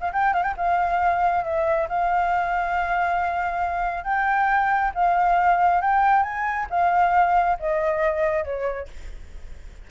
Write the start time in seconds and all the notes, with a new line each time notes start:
0.00 F5
0.13 G5
0.34 F5
0.43 G5
0.57 F5
1.44 E5
1.89 F5
4.04 G5
4.94 F5
5.81 G5
6.23 G#5
6.70 F5
7.59 D#5
8.44 C#5